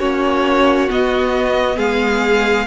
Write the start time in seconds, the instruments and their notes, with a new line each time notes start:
0.00 cello A#3, viola C#4, violin F#4 C#5
0.89 viola B3, cello B3, violin D#5
1.77 cello G#3, violin G#4 F5